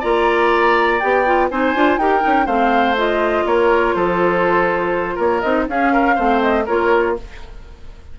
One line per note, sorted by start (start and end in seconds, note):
0.00 1.02 A#3
0.00 1.01 F4
0.00 1.48 D5
0.00 1.00 A#5
1.00 1.51 B3
1.00 1.26 G4
1.00 1.49 G5
1.26 1.50 F4
1.51 1.75 C4
1.51 1.75 D#4
1.51 2.00 C5
1.51 1.98 G#5
1.75 1.97 D4
1.75 2.00 F4
1.97 2.22 D#4
1.97 2.20 G4
1.97 2.46 A#4
1.97 2.47 G5
2.20 2.47 C#4
2.20 2.45 D#4
2.46 3.45 A3
2.46 2.97 C4
2.46 3.44 C5
2.46 2.96 F5
2.97 5.43 F4
2.97 3.47 D#5
3.46 3.95 A#3
3.46 3.96 A#4
3.46 3.95 C#5
3.95 5.18 F3
3.95 5.15 A4
3.95 5.18 C5
5.15 5.43 A#3
5.15 5.64 A#4
5.15 5.41 C#5
5.41 5.68 C4
5.41 5.68 D#4
5.41 5.66 D#5
5.68 6.17 C#4
5.68 6.16 C#4
5.68 5.93 G#4
5.68 6.42 F5
5.93 6.15 A#4
6.15 6.68 A3
6.15 6.65 C4
6.15 6.64 C5
6.42 6.66 D#5
6.66 7.19 A#3
6.66 7.17 F4
6.66 7.15 A#4
6.66 7.16 C#5